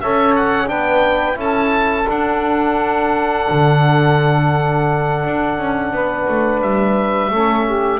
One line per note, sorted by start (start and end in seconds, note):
0.00 0.70 C#4
0.00 0.67 A4
0.00 0.69 C#5
0.00 0.35 E5
0.35 0.68 F#5
0.67 1.36 B3
0.67 1.35 D4
0.67 1.38 B4
0.67 1.38 G5
1.35 2.06 C#4
1.35 2.04 E4
1.35 5.91 A4
1.35 2.10 A5
2.08 3.48 D4
2.08 7.32 D4
2.08 6.62 F#5
3.50 5.25 D3
5.25 5.58 D4
5.58 5.92 C#4
5.92 6.27 B3
5.92 7.31 B4
6.28 6.61 A3
6.61 7.31 G3
6.61 8.00 E5
7.31 8.00 A3
7.31 8.00 C#4
7.31 7.66 A4
7.66 8.00 G4